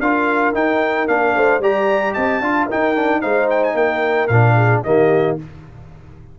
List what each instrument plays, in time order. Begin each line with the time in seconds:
0.00 tuba D4, trombone F4, horn A#4, trumpet F5
0.54 trombone D#4, tuba D#4, trumpet G5
1.08 tuba A#3, trombone D4, trumpet F5
1.35 tuba A3, horn C5
1.59 tuba G3, trombone G4, horn D5, trumpet A#5
2.14 tuba C4, horn D#5, trumpet A5
2.41 tuba D4, trombone F4, horn F5
2.67 trombone D#4, tuba D#4, horn A#4, trumpet G5
2.96 trombone D4
3.22 tuba G#3, trombone D#4, horn C5, trumpet F5
3.51 trumpet G5
3.64 trumpet G#5
3.75 tuba A#3, horn A#4, trumpet G5
4.28 tuba A#2, trombone D4, trumpet F5
4.55 horn G#4
4.84 tuba D#3, trombone A#3, horn G4, trumpet D#5